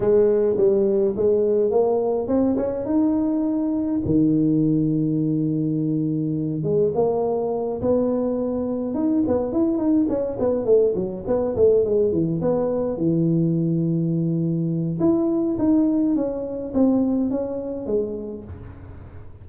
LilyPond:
\new Staff \with { instrumentName = "tuba" } { \time 4/4 \tempo 4 = 104 gis4 g4 gis4 ais4 | c'8 cis'8 dis'2 dis4~ | dis2.~ dis8 gis8 | ais4. b2 dis'8 |
b8 e'8 dis'8 cis'8 b8 a8 fis8 b8 | a8 gis8 e8 b4 e4.~ | e2 e'4 dis'4 | cis'4 c'4 cis'4 gis4 | }